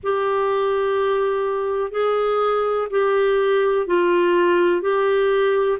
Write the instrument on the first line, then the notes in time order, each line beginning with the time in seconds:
clarinet
0.03 G4
1.91 G#4
2.90 G4
3.86 F4
4.81 G4